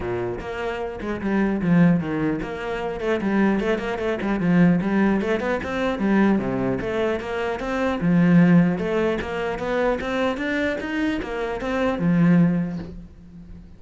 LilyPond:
\new Staff \with { instrumentName = "cello" } { \time 4/4 \tempo 4 = 150 ais,4 ais4. gis8 g4 | f4 dis4 ais4. a8 | g4 a8 ais8 a8 g8 f4 | g4 a8 b8 c'4 g4 |
c4 a4 ais4 c'4 | f2 a4 ais4 | b4 c'4 d'4 dis'4 | ais4 c'4 f2 | }